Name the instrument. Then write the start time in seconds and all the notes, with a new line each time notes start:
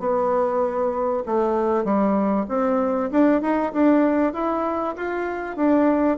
bassoon
0.00 B3
1.26 A3
1.85 G3
2.49 C4
3.12 D4
3.42 D#4
3.73 D4
4.34 E4
4.97 F4
5.57 D4